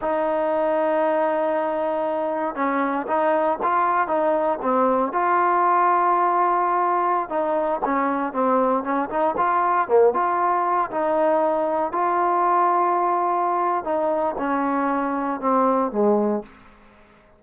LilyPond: \new Staff \with { instrumentName = "trombone" } { \time 4/4 \tempo 4 = 117 dis'1~ | dis'4 cis'4 dis'4 f'4 | dis'4 c'4 f'2~ | f'2~ f'16 dis'4 cis'8.~ |
cis'16 c'4 cis'8 dis'8 f'4 ais8 f'16~ | f'4~ f'16 dis'2 f'8.~ | f'2. dis'4 | cis'2 c'4 gis4 | }